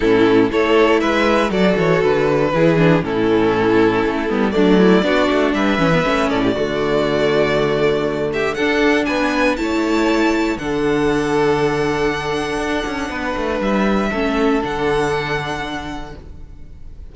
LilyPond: <<
  \new Staff \with { instrumentName = "violin" } { \time 4/4 \tempo 4 = 119 a'4 cis''4 e''4 d''8 cis''8 | b'2 a'2~ | a'4 d''2 e''4~ | e''8 d''2.~ d''8~ |
d''8 e''8 fis''4 gis''4 a''4~ | a''4 fis''2.~ | fis''2. e''4~ | e''4 fis''2. | }
  \new Staff \with { instrumentName = "violin" } { \time 4/4 e'4 a'4 b'4 a'4~ | a'4 gis'4 e'2~ | e'4 d'8 e'8 fis'4 b'4~ | b'8 a'16 g'16 fis'2.~ |
fis'8 g'8 a'4 b'4 cis''4~ | cis''4 a'2.~ | a'2 b'2 | a'1 | }
  \new Staff \with { instrumentName = "viola" } { \time 4/4 cis'4 e'2 fis'4~ | fis'4 e'8 d'8 cis'2~ | cis'8 b8 a4 d'4. cis'16 b16 | cis'4 a2.~ |
a4 d'2 e'4~ | e'4 d'2.~ | d'1 | cis'4 d'2. | }
  \new Staff \with { instrumentName = "cello" } { \time 4/4 a,4 a4 gis4 fis8 e8 | d4 e4 a,2 | a8 g8 fis4 b8 a8 g8 e8 | a8 a,8 d2.~ |
d4 d'4 b4 a4~ | a4 d2.~ | d4 d'8 cis'8 b8 a8 g4 | a4 d2. | }
>>